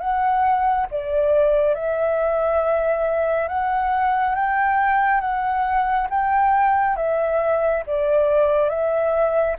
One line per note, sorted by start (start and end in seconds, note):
0.00 0.87 F#5
0.91 1.75 D5
1.75 3.49 E5
3.49 4.36 F#5
4.36 5.21 G5
5.21 6.08 F#5
6.10 6.96 G5
6.96 7.83 E5
7.87 8.70 D5
8.70 9.57 E5